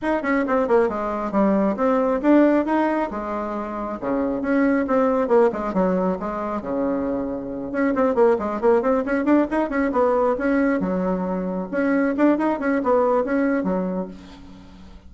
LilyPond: \new Staff \with { instrumentName = "bassoon" } { \time 4/4 \tempo 4 = 136 dis'8 cis'8 c'8 ais8 gis4 g4 | c'4 d'4 dis'4 gis4~ | gis4 cis4 cis'4 c'4 | ais8 gis8 fis4 gis4 cis4~ |
cis4. cis'8 c'8 ais8 gis8 ais8 | c'8 cis'8 d'8 dis'8 cis'8 b4 cis'8~ | cis'8 fis2 cis'4 d'8 | dis'8 cis'8 b4 cis'4 fis4 | }